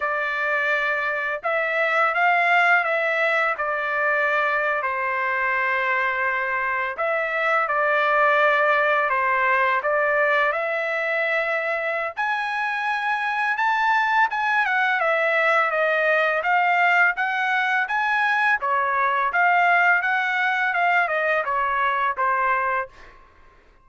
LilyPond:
\new Staff \with { instrumentName = "trumpet" } { \time 4/4 \tempo 4 = 84 d''2 e''4 f''4 | e''4 d''4.~ d''16 c''4~ c''16~ | c''4.~ c''16 e''4 d''4~ d''16~ | d''8. c''4 d''4 e''4~ e''16~ |
e''4 gis''2 a''4 | gis''8 fis''8 e''4 dis''4 f''4 | fis''4 gis''4 cis''4 f''4 | fis''4 f''8 dis''8 cis''4 c''4 | }